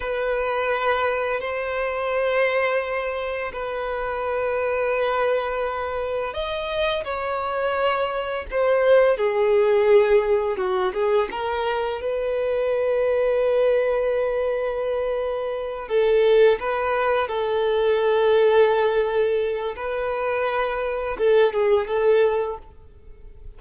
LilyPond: \new Staff \with { instrumentName = "violin" } { \time 4/4 \tempo 4 = 85 b'2 c''2~ | c''4 b'2.~ | b'4 dis''4 cis''2 | c''4 gis'2 fis'8 gis'8 |
ais'4 b'2.~ | b'2~ b'8 a'4 b'8~ | b'8 a'2.~ a'8 | b'2 a'8 gis'8 a'4 | }